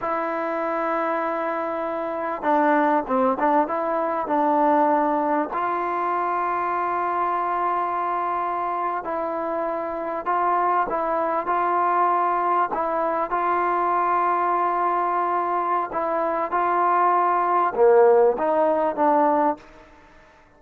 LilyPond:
\new Staff \with { instrumentName = "trombone" } { \time 4/4 \tempo 4 = 98 e'1 | d'4 c'8 d'8 e'4 d'4~ | d'4 f'2.~ | f'2~ f'8. e'4~ e'16~ |
e'8. f'4 e'4 f'4~ f'16~ | f'8. e'4 f'2~ f'16~ | f'2 e'4 f'4~ | f'4 ais4 dis'4 d'4 | }